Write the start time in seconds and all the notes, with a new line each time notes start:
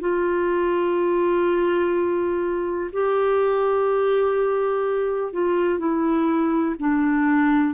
0.00 F4
2.92 G4
5.33 F4
5.78 E4
6.79 D4